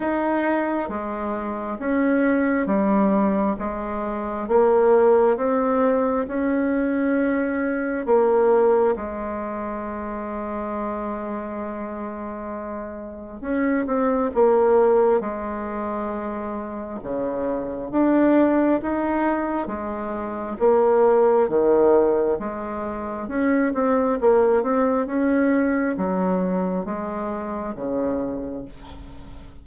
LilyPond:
\new Staff \with { instrumentName = "bassoon" } { \time 4/4 \tempo 4 = 67 dis'4 gis4 cis'4 g4 | gis4 ais4 c'4 cis'4~ | cis'4 ais4 gis2~ | gis2. cis'8 c'8 |
ais4 gis2 cis4 | d'4 dis'4 gis4 ais4 | dis4 gis4 cis'8 c'8 ais8 c'8 | cis'4 fis4 gis4 cis4 | }